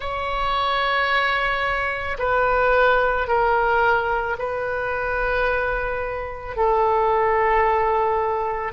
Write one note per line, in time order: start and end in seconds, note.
0.00 2.17 C#5
2.18 3.27 B4
3.27 4.36 A#4
4.38 6.56 B4
6.56 8.72 A4